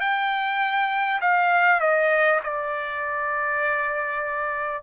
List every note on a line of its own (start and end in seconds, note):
0.00 1.20 G5
1.21 1.80 F5
1.80 2.40 D#5
2.43 4.83 D5